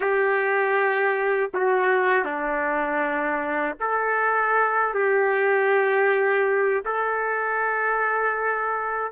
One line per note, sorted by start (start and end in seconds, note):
0.00 1.51 G4
1.54 2.24 F#4
2.24 3.76 D4
3.80 4.94 A4
4.94 6.84 G4
6.85 9.11 A4